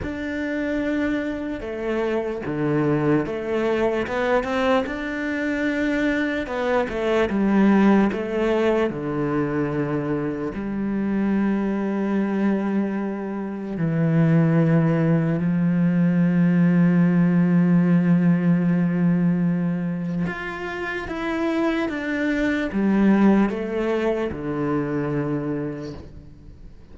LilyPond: \new Staff \with { instrumentName = "cello" } { \time 4/4 \tempo 4 = 74 d'2 a4 d4 | a4 b8 c'8 d'2 | b8 a8 g4 a4 d4~ | d4 g2.~ |
g4 e2 f4~ | f1~ | f4 f'4 e'4 d'4 | g4 a4 d2 | }